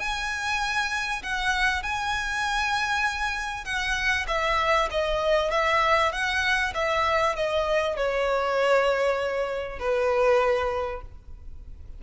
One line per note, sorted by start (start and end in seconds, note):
0.00 1.22 G#5
1.23 1.83 F#5
1.83 3.65 G#5
3.65 4.26 F#5
4.28 4.89 E5
4.91 5.51 D#5
5.51 6.12 E5
6.12 6.73 F#5
6.75 7.36 E5
7.36 7.97 D#5
7.97 9.79 C#5
9.79 11.02 B4